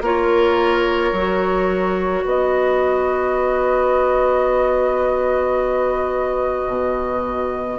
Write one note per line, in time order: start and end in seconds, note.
0.00 1.11 A#3
0.00 1.14 F4
0.00 2.23 A#4
0.00 2.26 C#5
1.12 2.23 F#3
1.12 7.79 F#4
2.23 6.67 B3
2.23 7.79 B4
2.23 7.79 D#5
6.67 7.78 B2